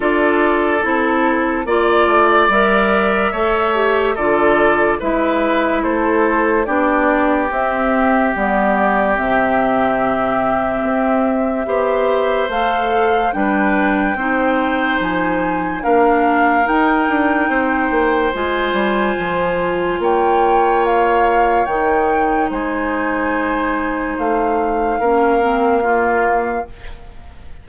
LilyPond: <<
  \new Staff \with { instrumentName = "flute" } { \time 4/4 \tempo 4 = 72 d''4 a'4 d''4 e''4~ | e''4 d''4 e''4 c''4 | d''4 e''4 d''4 e''4~ | e''2. f''4 |
g''2 gis''4 f''4 | g''2 gis''2 | g''4 f''4 g''4 gis''4~ | gis''4 f''2. | }
  \new Staff \with { instrumentName = "oboe" } { \time 4/4 a'2 d''2 | cis''4 a'4 b'4 a'4 | g'1~ | g'2 c''2 |
b'4 c''2 ais'4~ | ais'4 c''2. | cis''2. c''4~ | c''2 ais'4 f'4 | }
  \new Staff \with { instrumentName = "clarinet" } { \time 4/4 f'4 e'4 f'4 ais'4 | a'8 g'8 f'4 e'2 | d'4 c'4 b4 c'4~ | c'2 g'4 a'4 |
d'4 dis'2 d'4 | dis'2 f'2~ | f'2 dis'2~ | dis'2 cis'8 c'8 ais4 | }
  \new Staff \with { instrumentName = "bassoon" } { \time 4/4 d'4 c'4 ais8 a8 g4 | a4 d4 gis4 a4 | b4 c'4 g4 c4~ | c4 c'4 b4 a4 |
g4 c'4 f4 ais4 | dis'8 d'8 c'8 ais8 gis8 g8 f4 | ais2 dis4 gis4~ | gis4 a4 ais2 | }
>>